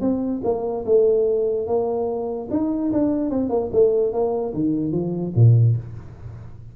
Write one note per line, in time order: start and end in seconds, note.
0.00 0.41 C4
0.44 0.84 A#3
0.85 1.66 A3
1.67 2.48 A#3
2.50 2.91 D#4
2.92 3.30 D4
3.30 3.49 C4
3.49 3.69 A#3
3.72 4.12 A3
4.12 4.53 A#3
4.53 4.91 D#3
4.91 5.32 F3
5.35 5.76 A#2